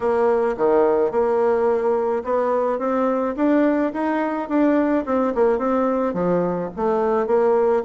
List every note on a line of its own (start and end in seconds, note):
0.00 0.56 A#3
0.57 1.11 D#3
1.11 2.23 A#3
2.24 2.78 B3
2.78 3.34 C4
3.36 3.92 D4
3.93 4.48 D#4
4.48 5.04 D4
5.05 5.33 C4
5.34 5.58 A#3
5.58 6.13 C4
6.13 6.69 F3
6.76 7.26 A3
7.26 7.82 A#3